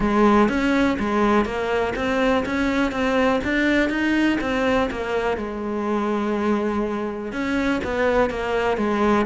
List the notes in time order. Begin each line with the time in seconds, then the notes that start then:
0.00 G#3
0.49 C#4
0.99 G#3
1.45 A#3
1.95 C4
2.45 C#4
2.91 C4
3.44 D4
3.89 D#4
4.40 C4
4.90 A#3
5.37 G#3
7.32 C#4
7.84 B3
8.29 A#3
8.77 G#3